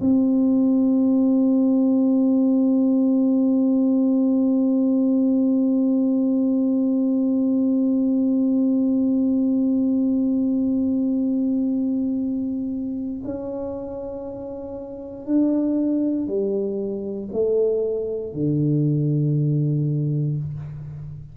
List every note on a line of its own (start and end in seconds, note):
0.00 13.22 C4
13.24 15.25 C#4
15.25 16.27 D4
16.27 17.28 G3
17.32 18.33 A3
18.33 20.37 D3